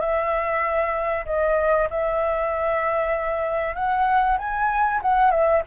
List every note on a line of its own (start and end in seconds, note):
0.00 1.25 E5
1.26 1.88 D#5
1.90 3.75 E5
3.75 4.38 F#5
4.38 5.00 G#5
5.02 5.31 F#5
5.31 5.62 E5